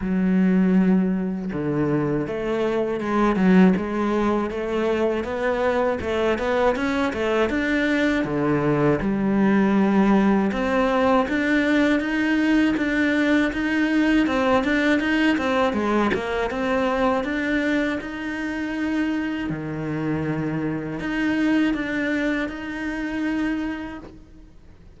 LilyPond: \new Staff \with { instrumentName = "cello" } { \time 4/4 \tempo 4 = 80 fis2 d4 a4 | gis8 fis8 gis4 a4 b4 | a8 b8 cis'8 a8 d'4 d4 | g2 c'4 d'4 |
dis'4 d'4 dis'4 c'8 d'8 | dis'8 c'8 gis8 ais8 c'4 d'4 | dis'2 dis2 | dis'4 d'4 dis'2 | }